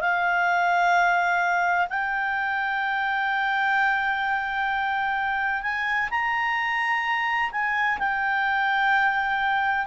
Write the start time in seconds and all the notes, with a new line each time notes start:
0.00 F5
1.89 G5
5.62 G#5
6.10 A#5
7.51 G#5
7.99 G5